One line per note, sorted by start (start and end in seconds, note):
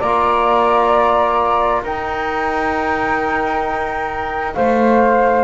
0.00 1.83 A#3
0.00 1.85 F4
0.00 1.82 D5
0.00 1.82 A#5
1.83 4.56 D#4
1.83 5.44 D#4
1.83 4.56 A#4
1.83 4.54 G5
4.54 5.44 A3
4.54 5.44 C5
4.54 5.44 F5